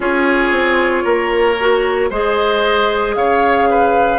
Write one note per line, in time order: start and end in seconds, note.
0.00 0.51 C#4
0.00 1.55 F4
0.00 1.04 G#4
0.00 2.11 C#5
0.51 1.03 C4
1.04 2.10 A#3
1.04 2.09 A#4
1.59 2.10 F#4
2.10 3.15 G#3
2.10 4.18 G#4
2.10 3.15 C5
2.10 3.15 D#5
3.15 4.18 C#3
3.15 3.69 C#5
3.15 4.18 F5
3.69 4.18 B4